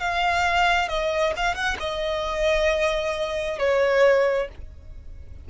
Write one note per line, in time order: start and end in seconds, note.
0.00 0.88 F5
0.88 1.33 D#5
1.36 1.54 F5
1.54 1.77 F#5
1.79 3.58 D#5
3.58 4.48 C#5